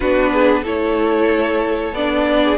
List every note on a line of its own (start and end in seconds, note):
0.00 0.65 B3
0.00 0.64 D4
0.00 0.32 F#4
0.00 0.63 B4
0.33 0.62 G#4
0.62 1.92 A3
0.62 1.93 E4
0.62 2.39 A4
0.62 1.94 C#5
1.92 2.57 B3
1.92 2.57 D4
1.92 2.57 D5
2.43 2.57 G#4